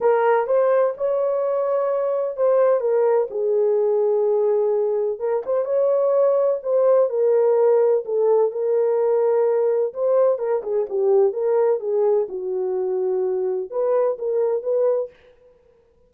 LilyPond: \new Staff \with { instrumentName = "horn" } { \time 4/4 \tempo 4 = 127 ais'4 c''4 cis''2~ | cis''4 c''4 ais'4 gis'4~ | gis'2. ais'8 c''8 | cis''2 c''4 ais'4~ |
ais'4 a'4 ais'2~ | ais'4 c''4 ais'8 gis'8 g'4 | ais'4 gis'4 fis'2~ | fis'4 b'4 ais'4 b'4 | }